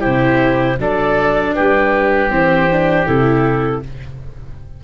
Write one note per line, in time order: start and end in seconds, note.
0.00 0.78 C3
0.00 0.77 E4
0.00 0.76 G4
0.00 0.78 C5
0.78 1.54 F#3
0.78 2.30 D4
0.78 1.55 A4
0.78 1.55 D5
1.55 2.30 G3
1.55 3.83 G4
1.55 2.31 B4
2.30 3.06 E3
2.30 2.68 C4
2.30 3.06 C5
2.72 3.06 D4
3.06 3.83 C3
3.06 3.82 E4
3.06 3.82 A4